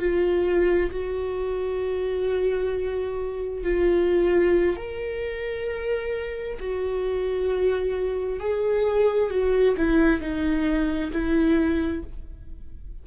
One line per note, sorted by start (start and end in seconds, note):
0.00 0.91 F4
0.91 3.64 F#4
3.64 4.77 F4
4.77 6.59 A#4
6.60 8.40 F#4
8.40 9.31 G#4
9.31 9.76 F#4
9.77 10.21 E4
10.21 11.12 D#4
11.12 12.03 E4